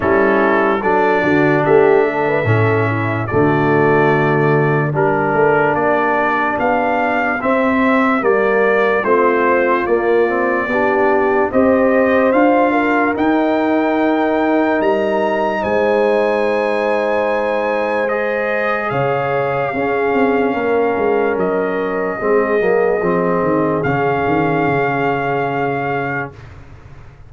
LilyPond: <<
  \new Staff \with { instrumentName = "trumpet" } { \time 4/4 \tempo 4 = 73 a'4 d''4 e''2 | d''2 ais'4 d''4 | f''4 e''4 d''4 c''4 | d''2 dis''4 f''4 |
g''2 ais''4 gis''4~ | gis''2 dis''4 f''4~ | f''2 dis''2~ | dis''4 f''2. | }
  \new Staff \with { instrumentName = "horn" } { \time 4/4 e'4 a'8 fis'8 g'8 a'16 b'16 a'8 e'8 | fis'2 g'2~ | g'2. f'4~ | f'4 g'4 c''4. ais'8~ |
ais'2. c''4~ | c''2. cis''4 | gis'4 ais'2 gis'4~ | gis'1 | }
  \new Staff \with { instrumentName = "trombone" } { \time 4/4 cis'4 d'2 cis'4 | a2 d'2~ | d'4 c'4 ais4 c'4 | ais8 c'8 d'4 g'4 f'4 |
dis'1~ | dis'2 gis'2 | cis'2. c'8 ais8 | c'4 cis'2. | }
  \new Staff \with { instrumentName = "tuba" } { \time 4/4 g4 fis8 d8 a4 a,4 | d2 g8 a8 ais4 | b4 c'4 g4 a4 | ais4 b4 c'4 d'4 |
dis'2 g4 gis4~ | gis2. cis4 | cis'8 c'8 ais8 gis8 fis4 gis8 fis8 | f8 dis8 cis8 dis8 cis2 | }
>>